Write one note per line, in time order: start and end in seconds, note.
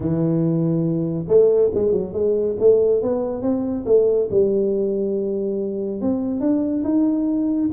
0.00 1.25 E3
1.27 1.70 A3
1.74 1.92 G#3
1.92 2.13 F#3
2.13 2.56 G#3
2.59 3.02 A3
3.02 3.42 B3
3.42 3.85 C4
3.85 4.28 A3
4.30 6.01 G3
6.01 6.40 C4
6.40 6.83 D4
6.84 7.69 D#4